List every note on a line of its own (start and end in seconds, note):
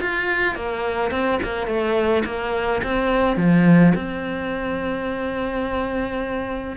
0.00 0.55 F4
0.55 1.10 A#3
1.10 1.39 C4
1.43 1.66 A#3
1.66 2.23 A3
2.25 2.81 A#3
2.83 3.36 C4
3.36 3.93 F3
3.94 6.77 C4